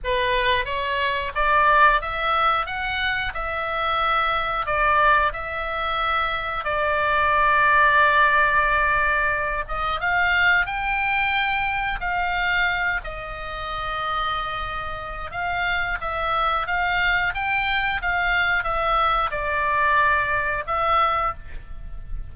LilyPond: \new Staff \with { instrumentName = "oboe" } { \time 4/4 \tempo 4 = 90 b'4 cis''4 d''4 e''4 | fis''4 e''2 d''4 | e''2 d''2~ | d''2~ d''8 dis''8 f''4 |
g''2 f''4. dis''8~ | dis''2. f''4 | e''4 f''4 g''4 f''4 | e''4 d''2 e''4 | }